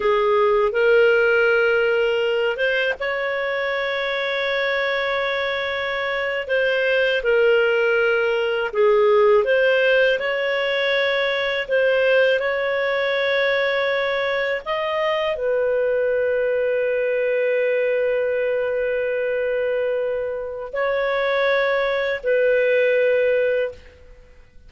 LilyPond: \new Staff \with { instrumentName = "clarinet" } { \time 4/4 \tempo 4 = 81 gis'4 ais'2~ ais'8 c''8 | cis''1~ | cis''8. c''4 ais'2 gis'16~ | gis'8. c''4 cis''2 c''16~ |
c''8. cis''2. dis''16~ | dis''8. b'2.~ b'16~ | b'1 | cis''2 b'2 | }